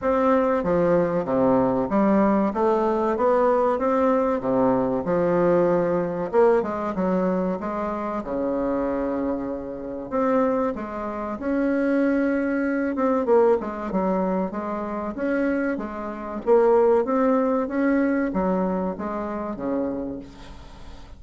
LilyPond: \new Staff \with { instrumentName = "bassoon" } { \time 4/4 \tempo 4 = 95 c'4 f4 c4 g4 | a4 b4 c'4 c4 | f2 ais8 gis8 fis4 | gis4 cis2. |
c'4 gis4 cis'2~ | cis'8 c'8 ais8 gis8 fis4 gis4 | cis'4 gis4 ais4 c'4 | cis'4 fis4 gis4 cis4 | }